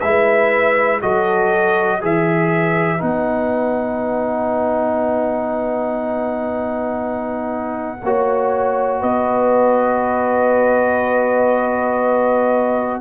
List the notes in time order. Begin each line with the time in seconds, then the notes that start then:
0.00 G#3 E4 B4 E5
1.01 F#3 F#4 A4 D#5
1.98 E3 G#4 B4
2.05 E5
2.98 B3 D#4 F#5
8.02 A#3 F#4 C#5
9.00 B3 B4 D#5